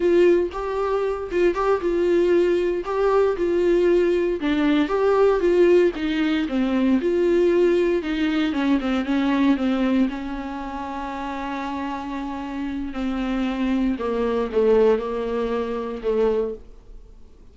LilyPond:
\new Staff \with { instrumentName = "viola" } { \time 4/4 \tempo 4 = 116 f'4 g'4. f'8 g'8 f'8~ | f'4. g'4 f'4.~ | f'8 d'4 g'4 f'4 dis'8~ | dis'8 c'4 f'2 dis'8~ |
dis'8 cis'8 c'8 cis'4 c'4 cis'8~ | cis'1~ | cis'4 c'2 ais4 | a4 ais2 a4 | }